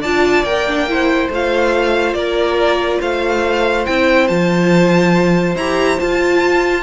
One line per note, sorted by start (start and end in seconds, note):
0.00 0.43 D4
0.00 0.47 F4
0.00 0.85 D5
0.00 0.45 A5
0.43 1.29 A#3
0.43 0.67 A#4
0.43 1.30 G5
0.67 0.88 D4
0.88 1.31 E4
0.88 2.18 C5
1.29 2.14 A3
1.29 3.87 F4
1.29 2.14 F5
2.14 2.99 A#3
2.14 2.99 A#4
2.14 2.99 D5
2.99 3.87 A3
2.99 6.82 C5
2.99 3.86 F5
3.86 4.30 C4
3.86 4.29 E4
3.86 4.27 G5
4.27 5.55 F3
4.27 5.57 F4
4.27 5.55 A5
5.55 5.98 E4
5.55 5.99 G4
5.55 6.00 A#5
5.99 6.83 F4
5.99 6.83 A5